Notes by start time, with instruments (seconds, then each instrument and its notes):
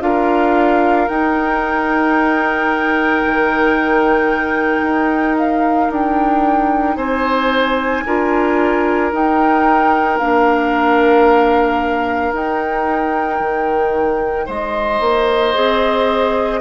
0.00 bassoon D4, clarinet F4, oboe A#4, flute F5
1.08 bassoon D#4, clarinet D#4, flute G5
3.25 bassoon D#3
4.82 bassoon D#4
5.37 flute F5
5.90 bassoon D4, flute G5
6.96 bassoon C4, oboe C5, flute G#5
8.06 bassoon D4, clarinet F4, oboe A#4
9.12 clarinet D#4, bassoon D#4, flute G5
10.19 bassoon A#3, clarinet D4, flute F5
12.32 bassoon D#4, clarinet D#4, flute G5
13.40 bassoon D#3
14.46 bassoon G#3, oboe C5, flute D#5
15.00 bassoon A#3
15.54 bassoon C4, clarinet G#4